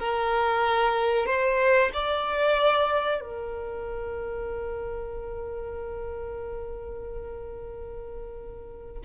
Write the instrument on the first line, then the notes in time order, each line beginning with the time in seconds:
violin
0.00 A#4
1.27 C5
1.94 D5
3.21 A#4